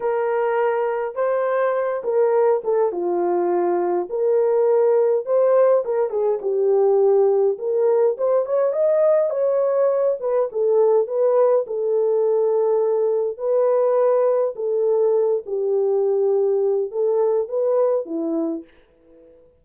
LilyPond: \new Staff \with { instrumentName = "horn" } { \time 4/4 \tempo 4 = 103 ais'2 c''4. ais'8~ | ais'8 a'8 f'2 ais'4~ | ais'4 c''4 ais'8 gis'8 g'4~ | g'4 ais'4 c''8 cis''8 dis''4 |
cis''4. b'8 a'4 b'4 | a'2. b'4~ | b'4 a'4. g'4.~ | g'4 a'4 b'4 e'4 | }